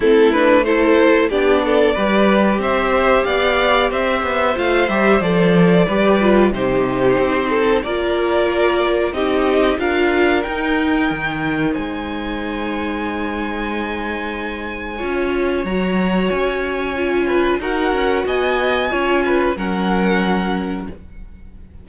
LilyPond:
<<
  \new Staff \with { instrumentName = "violin" } { \time 4/4 \tempo 4 = 92 a'8 b'8 c''4 d''2 | e''4 f''4 e''4 f''8 e''8 | d''2 c''2 | d''2 dis''4 f''4 |
g''2 gis''2~ | gis''1 | ais''4 gis''2 fis''4 | gis''2 fis''2 | }
  \new Staff \with { instrumentName = "violin" } { \time 4/4 e'4 a'4 g'8 a'8 b'4 | c''4 d''4 c''2~ | c''4 b'4 g'4. a'8 | ais'2 g'4 ais'4~ |
ais'2 c''2~ | c''2. cis''4~ | cis''2~ cis''8 b'8 ais'4 | dis''4 cis''8 b'8 ais'2 | }
  \new Staff \with { instrumentName = "viola" } { \time 4/4 c'8 d'8 e'4 d'4 g'4~ | g'2. f'8 g'8 | a'4 g'8 f'8 dis'2 | f'2 dis'4 f'4 |
dis'1~ | dis'2. f'4 | fis'2 f'4 fis'4~ | fis'4 f'4 cis'2 | }
  \new Staff \with { instrumentName = "cello" } { \time 4/4 a2 b4 g4 | c'4 b4 c'8 b8 a8 g8 | f4 g4 c4 c'4 | ais2 c'4 d'4 |
dis'4 dis4 gis2~ | gis2. cis'4 | fis4 cis'2 dis'8 cis'8 | b4 cis'4 fis2 | }
>>